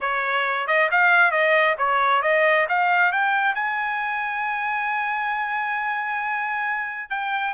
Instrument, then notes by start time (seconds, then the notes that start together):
trumpet
0.01 C#5
0.67 D#5
0.91 F5
1.31 D#5
1.78 C#5
2.22 D#5
2.68 F5
3.12 G5
3.55 G#5
7.09 G5